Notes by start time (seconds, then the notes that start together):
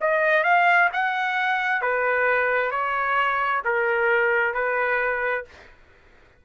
0.00 D#5
0.43 F5
0.93 F#5
1.81 B4
2.71 C#5
3.64 A#4
4.54 B4